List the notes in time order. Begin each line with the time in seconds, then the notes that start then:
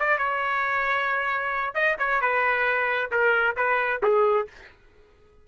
0.00 D5
0.18 C#5
1.75 D#5
1.99 C#5
2.22 B4
3.12 A#4
3.57 B4
4.03 G#4